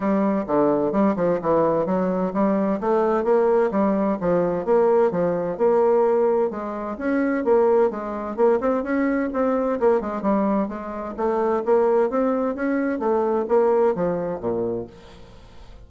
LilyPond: \new Staff \with { instrumentName = "bassoon" } { \time 4/4 \tempo 4 = 129 g4 d4 g8 f8 e4 | fis4 g4 a4 ais4 | g4 f4 ais4 f4 | ais2 gis4 cis'4 |
ais4 gis4 ais8 c'8 cis'4 | c'4 ais8 gis8 g4 gis4 | a4 ais4 c'4 cis'4 | a4 ais4 f4 ais,4 | }